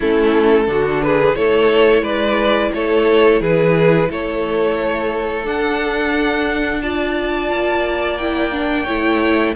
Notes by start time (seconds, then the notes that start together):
0.00 A3 C#4 E4 A4
0.66 D3 D4 F#4
1.02 G#4 B4
1.35 A3 E4 A4 C#5
2.02 G#3 B4 D5
2.73 A3 A4 C#5
3.40 E3 G#4 B4
4.09 A3 A4 C#5
5.44 D4 F#5
6.82 F4 D5 A5
7.50 A#3
8.17 E4 G5
8.52 D4
8.83 A3 E4 C#5